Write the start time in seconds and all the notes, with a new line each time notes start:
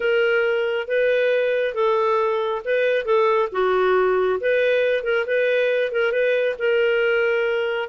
0.00 A#4
0.87 B4
1.74 A4
2.64 B4
3.05 A4
3.52 F#4
4.40 B4
5.03 A#4
5.26 B4
5.92 A#4
6.12 B4
6.59 A#4